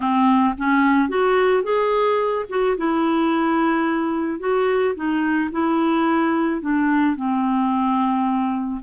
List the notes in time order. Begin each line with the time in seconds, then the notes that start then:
0.00 C4
0.57 C#4
1.09 F#4
1.63 G#4
2.49 F#4
2.77 E4
4.39 F#4
4.95 D#4
5.51 E4
6.61 D4
7.16 C4